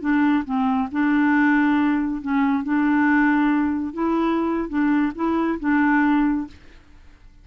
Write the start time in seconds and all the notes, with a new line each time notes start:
0.00 D4
0.45 C4
0.91 D4
2.22 C#4
2.63 D4
3.93 E4
4.68 D4
5.15 E4
5.59 D4